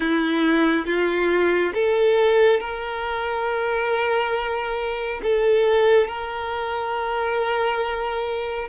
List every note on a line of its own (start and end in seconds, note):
0.00 0.85 E4
0.85 1.72 F4
1.74 2.59 A4
2.59 5.20 A#4
5.23 6.07 A4
6.07 8.68 A#4